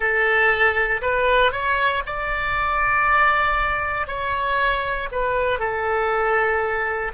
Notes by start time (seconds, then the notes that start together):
0.00 A4
1.01 B4
1.52 C#5
2.06 D5
4.07 C#5
5.11 B4
5.59 A4